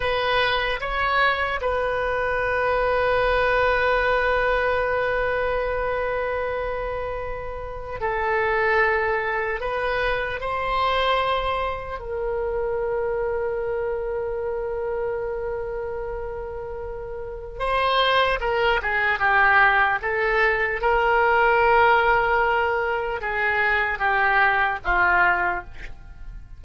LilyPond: \new Staff \with { instrumentName = "oboe" } { \time 4/4 \tempo 4 = 75 b'4 cis''4 b'2~ | b'1~ | b'2 a'2 | b'4 c''2 ais'4~ |
ais'1~ | ais'2 c''4 ais'8 gis'8 | g'4 a'4 ais'2~ | ais'4 gis'4 g'4 f'4 | }